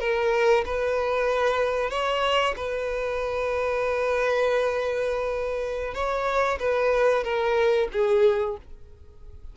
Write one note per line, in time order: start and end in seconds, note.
0.00 0.65 A#4
0.66 1.90 B4
1.90 2.55 C#5
2.57 5.94 B4
5.94 6.59 C#5
6.60 7.24 B4
7.24 7.89 A#4
7.93 8.57 G#4